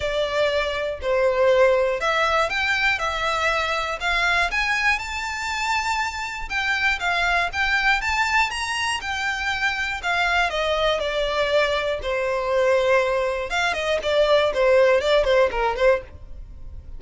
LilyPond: \new Staff \with { instrumentName = "violin" } { \time 4/4 \tempo 4 = 120 d''2 c''2 | e''4 g''4 e''2 | f''4 gis''4 a''2~ | a''4 g''4 f''4 g''4 |
a''4 ais''4 g''2 | f''4 dis''4 d''2 | c''2. f''8 dis''8 | d''4 c''4 d''8 c''8 ais'8 c''8 | }